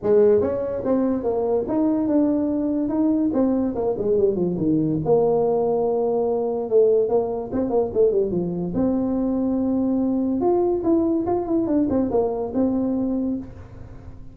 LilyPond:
\new Staff \with { instrumentName = "tuba" } { \time 4/4 \tempo 4 = 144 gis4 cis'4 c'4 ais4 | dis'4 d'2 dis'4 | c'4 ais8 gis8 g8 f8 dis4 | ais1 |
a4 ais4 c'8 ais8 a8 g8 | f4 c'2.~ | c'4 f'4 e'4 f'8 e'8 | d'8 c'8 ais4 c'2 | }